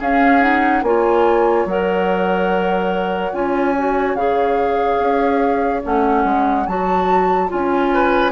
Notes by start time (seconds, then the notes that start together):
0.00 C#4 G#4 F5
0.40 D#4 F#5
0.82 A#3 F4 C#5 G#5
1.66 F#3 A#4 F#5
3.33 C#4 F4 G#5
3.78 F#4
4.15 C#3 G#4 F5
4.99 C#4
5.83 A3 C#4 F#5
6.24 G#3
6.67 F#3 F#4 A5
7.48 C#4 F4 G#5
7.94 B4